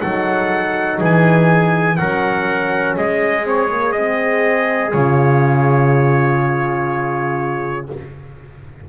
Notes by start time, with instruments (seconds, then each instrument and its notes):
0.00 double bass F#3, horn D#4, trumpet A4 F#5
0.99 double bass E3, trumpet G#4 G#5
1.97 double bass F#3, horn C#4, trumpet A#4 F#5
2.96 double bass G#3, trumpet G#4 D#5
3.43 horn C4, trumpet C#5
3.70 horn A#3
3.92 horn C4, trumpet D#5
4.92 double bass C#3, horn F4, trumpet C#5